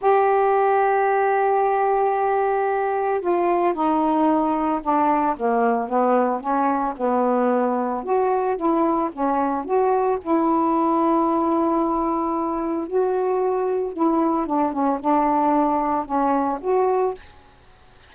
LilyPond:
\new Staff \with { instrumentName = "saxophone" } { \time 4/4 \tempo 4 = 112 g'1~ | g'2 f'4 dis'4~ | dis'4 d'4 ais4 b4 | cis'4 b2 fis'4 |
e'4 cis'4 fis'4 e'4~ | e'1 | fis'2 e'4 d'8 cis'8 | d'2 cis'4 fis'4 | }